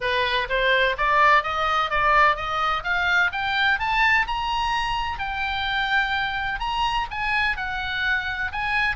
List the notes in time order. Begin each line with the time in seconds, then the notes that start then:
0.00 B4
0.49 C5
0.97 D5
1.43 D#5
1.90 D5
2.36 D#5
2.83 F5
3.32 G5
3.79 A5
4.27 A#5
5.18 G5
6.59 A#5
7.10 G#5
7.57 F#5
8.51 G#5